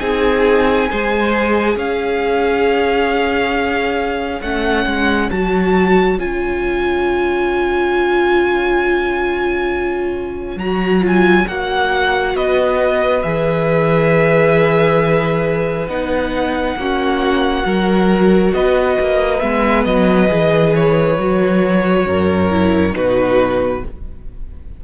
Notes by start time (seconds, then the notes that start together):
0.00 C4 D#4 G#4 G#5
0.89 G#3 G#4 C5
1.75 C#4 C#5 F5
4.41 A3 C#4 F#5
4.86 G#3
5.31 F#3 F#4 A5
6.19 C#4 F4 G#5
10.56 F#3 F#4 A#5
11.01 F4 G#5
11.48 A#3 F#4 F#5
12.35 B3 B4 D#5
13.22 E3 G#4 E5
15.87 B3 D#4 F#5
16.76 A#3 C#4 F#4
17.63 F#3 F#4 A#4
18.53 B3 B4 D#5
19.01 A#3
19.40 G#3 B3 E5
19.85 F#3 D#5
20.28 E3 G#4
20.75 C#5
21.18 F#3 F#4
22.06 F#2 A#4
22.51 E4
22.92 B2 D#4 F#4 B4